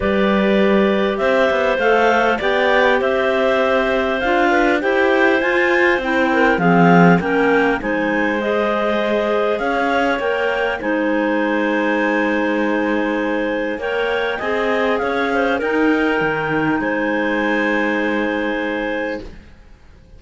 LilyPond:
<<
  \new Staff \with { instrumentName = "clarinet" } { \time 4/4 \tempo 4 = 100 d''2 e''4 f''4 | g''4 e''2 f''4 | g''4 gis''4 g''4 f''4 | g''4 gis''4 dis''2 |
f''4 g''4 gis''2~ | gis''2. g''4 | gis''4 f''4 g''2 | gis''1 | }
  \new Staff \with { instrumentName = "clarinet" } { \time 4/4 b'2 c''2 | d''4 c''2~ c''8 b'8 | c''2~ c''8 ais'8 gis'4 | ais'4 c''2. |
cis''2 c''2~ | c''2. cis''4 | dis''4 cis''8 c''8 ais'2 | c''1 | }
  \new Staff \with { instrumentName = "clarinet" } { \time 4/4 g'2. a'4 | g'2. f'4 | g'4 f'4 e'4 c'4 | cis'4 dis'4 gis'2~ |
gis'4 ais'4 dis'2~ | dis'2. ais'4 | gis'2 dis'2~ | dis'1 | }
  \new Staff \with { instrumentName = "cello" } { \time 4/4 g2 c'8 b8 a4 | b4 c'2 d'4 | e'4 f'4 c'4 f4 | ais4 gis2. |
cis'4 ais4 gis2~ | gis2. ais4 | c'4 cis'4 dis'4 dis4 | gis1 | }
>>